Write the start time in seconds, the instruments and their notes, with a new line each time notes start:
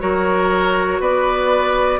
0.00 bassoon F#3, clarinet F#4, oboe A#4, flute C#5
1.00 bassoon B3, oboe B4, flute D5